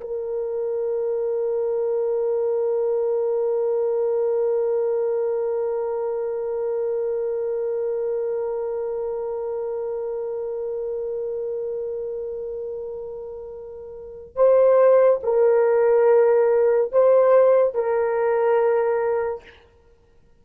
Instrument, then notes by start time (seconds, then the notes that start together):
horn
0.00 A#4
14.35 C5
15.23 A#4
16.92 C5
17.74 A#4